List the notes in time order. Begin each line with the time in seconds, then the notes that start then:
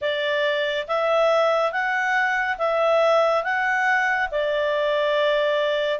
0.01 D5
0.87 E5
1.71 F#5
2.58 E5
3.43 F#5
4.31 D5